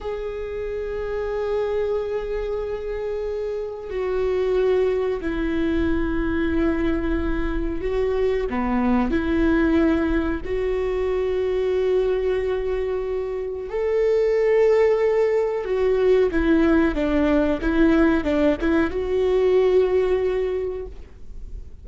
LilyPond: \new Staff \with { instrumentName = "viola" } { \time 4/4 \tempo 4 = 92 gis'1~ | gis'2 fis'2 | e'1 | fis'4 b4 e'2 |
fis'1~ | fis'4 a'2. | fis'4 e'4 d'4 e'4 | d'8 e'8 fis'2. | }